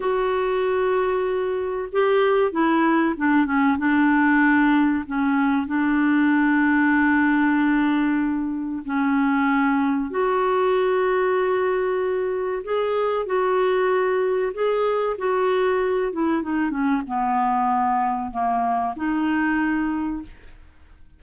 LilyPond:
\new Staff \with { instrumentName = "clarinet" } { \time 4/4 \tempo 4 = 95 fis'2. g'4 | e'4 d'8 cis'8 d'2 | cis'4 d'2.~ | d'2 cis'2 |
fis'1 | gis'4 fis'2 gis'4 | fis'4. e'8 dis'8 cis'8 b4~ | b4 ais4 dis'2 | }